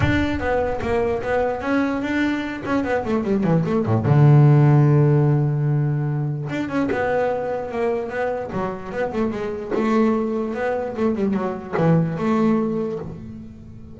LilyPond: \new Staff \with { instrumentName = "double bass" } { \time 4/4 \tempo 4 = 148 d'4 b4 ais4 b4 | cis'4 d'4. cis'8 b8 a8 | g8 e8 a8 a,8 d2~ | d1 |
d'8 cis'8 b2 ais4 | b4 fis4 b8 a8 gis4 | a2 b4 a8 g8 | fis4 e4 a2 | }